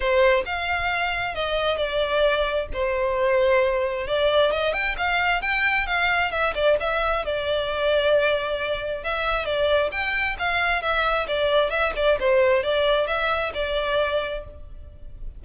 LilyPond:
\new Staff \with { instrumentName = "violin" } { \time 4/4 \tempo 4 = 133 c''4 f''2 dis''4 | d''2 c''2~ | c''4 d''4 dis''8 g''8 f''4 | g''4 f''4 e''8 d''8 e''4 |
d''1 | e''4 d''4 g''4 f''4 | e''4 d''4 e''8 d''8 c''4 | d''4 e''4 d''2 | }